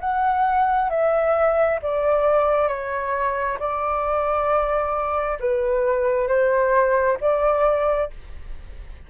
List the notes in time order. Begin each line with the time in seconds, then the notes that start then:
0.00 F#5
0.90 E5
1.82 D5
2.68 C#5
3.59 D5
5.40 B4
6.28 C5
7.20 D5